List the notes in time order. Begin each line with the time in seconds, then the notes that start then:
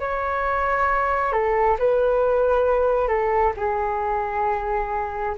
0.00 C#5
1.33 A4
1.79 B4
3.08 A4
3.57 G#4